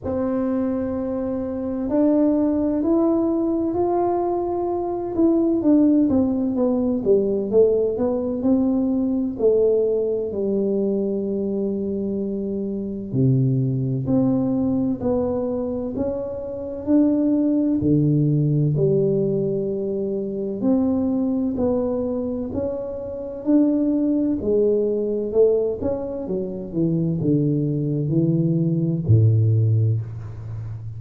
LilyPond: \new Staff \with { instrumentName = "tuba" } { \time 4/4 \tempo 4 = 64 c'2 d'4 e'4 | f'4. e'8 d'8 c'8 b8 g8 | a8 b8 c'4 a4 g4~ | g2 c4 c'4 |
b4 cis'4 d'4 d4 | g2 c'4 b4 | cis'4 d'4 gis4 a8 cis'8 | fis8 e8 d4 e4 a,4 | }